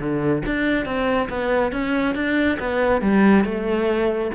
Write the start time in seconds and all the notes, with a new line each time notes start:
0.00 D3
0.46 D4
0.86 C4
1.29 B3
1.72 C#4
2.15 D4
2.60 B3
3.02 G3
3.45 A3